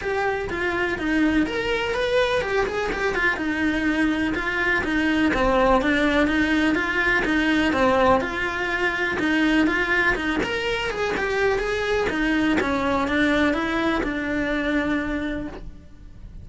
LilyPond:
\new Staff \with { instrumentName = "cello" } { \time 4/4 \tempo 4 = 124 g'4 f'4 dis'4 ais'4 | b'4 g'8 gis'8 g'8 f'8 dis'4~ | dis'4 f'4 dis'4 c'4 | d'4 dis'4 f'4 dis'4 |
c'4 f'2 dis'4 | f'4 dis'8 ais'4 gis'8 g'4 | gis'4 dis'4 cis'4 d'4 | e'4 d'2. | }